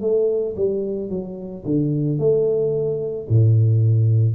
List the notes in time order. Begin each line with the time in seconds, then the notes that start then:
0.00 A3
0.56 G3
1.09 F#3
1.65 D3
2.18 A3
3.29 A2